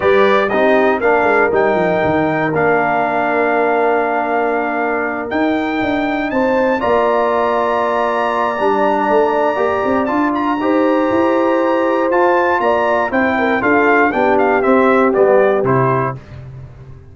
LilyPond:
<<
  \new Staff \with { instrumentName = "trumpet" } { \time 4/4 \tempo 4 = 119 d''4 dis''4 f''4 g''4~ | g''4 f''2.~ | f''2~ f''8 g''4.~ | g''8 a''4 ais''2~ ais''8~ |
ais''1 | a''8 ais''2.~ ais''8 | a''4 ais''4 g''4 f''4 | g''8 f''8 e''4 d''4 c''4 | }
  \new Staff \with { instrumentName = "horn" } { \time 4/4 b'4 g'4 ais'2~ | ais'1~ | ais'1~ | ais'8 c''4 d''2~ d''8~ |
d''1~ | d''4 c''2.~ | c''4 d''4 c''8 ais'8 a'4 | g'1 | }
  \new Staff \with { instrumentName = "trombone" } { \time 4/4 g'4 dis'4 d'4 dis'4~ | dis'4 d'2.~ | d'2~ d'8 dis'4.~ | dis'4. f'2~ f'8~ |
f'4 d'2 g'4 | f'4 g'2. | f'2 e'4 f'4 | d'4 c'4 b4 e'4 | }
  \new Staff \with { instrumentName = "tuba" } { \time 4/4 g4 c'4 ais8 gis8 g8 f8 | dis4 ais2.~ | ais2~ ais8 dis'4 d'8~ | d'8 c'4 ais2~ ais8~ |
ais4 g4 a4 ais8 c'8 | d'4 dis'4 e'2 | f'4 ais4 c'4 d'4 | b4 c'4 g4 c4 | }
>>